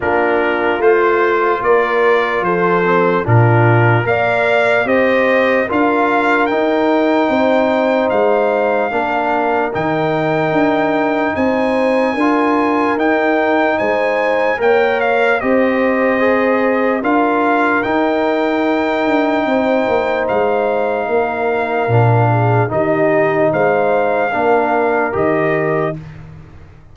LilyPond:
<<
  \new Staff \with { instrumentName = "trumpet" } { \time 4/4 \tempo 4 = 74 ais'4 c''4 d''4 c''4 | ais'4 f''4 dis''4 f''4 | g''2 f''2 | g''2 gis''2 |
g''4 gis''4 g''8 f''8 dis''4~ | dis''4 f''4 g''2~ | g''4 f''2. | dis''4 f''2 dis''4 | }
  \new Staff \with { instrumentName = "horn" } { \time 4/4 f'2 ais'4 a'4 | f'4 d''4 c''4 ais'4~ | ais'4 c''2 ais'4~ | ais'2 c''4 ais'4~ |
ais'4 c''4 cis''4 c''4~ | c''4 ais'2. | c''2 ais'4. gis'8 | g'4 c''4 ais'2 | }
  \new Staff \with { instrumentName = "trombone" } { \time 4/4 d'4 f'2~ f'8 c'8 | d'4 ais'4 g'4 f'4 | dis'2. d'4 | dis'2. f'4 |
dis'2 ais'4 g'4 | gis'4 f'4 dis'2~ | dis'2. d'4 | dis'2 d'4 g'4 | }
  \new Staff \with { instrumentName = "tuba" } { \time 4/4 ais4 a4 ais4 f4 | ais,4 ais4 c'4 d'4 | dis'4 c'4 gis4 ais4 | dis4 d'4 c'4 d'4 |
dis'4 gis4 ais4 c'4~ | c'4 d'4 dis'4. d'8 | c'8 ais8 gis4 ais4 ais,4 | dis4 gis4 ais4 dis4 | }
>>